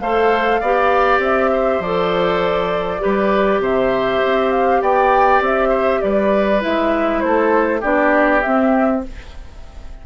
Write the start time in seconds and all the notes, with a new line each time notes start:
0.00 A3 A4 C5 F5
0.60 B3 G4 D5
1.19 C4 E5
1.53 C5
1.80 F3 A4 D5
2.99 G3 G4 B4
3.60 C3 C5 E5
4.24 C4
4.52 F5
4.82 B3 D5 G5
5.41 C4 E5
5.69 C5
6.01 G3 B4 D5
6.60 G#3 E4 E5
7.20 A3 A4 C5
7.81 B3 D4 G4 D5
8.42 C4 E5